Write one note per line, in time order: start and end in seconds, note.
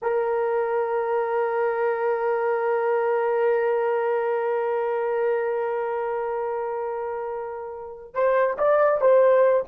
0.02 8.14 A#4
8.14 8.57 C5
8.57 9.00 D5
9.00 9.64 C5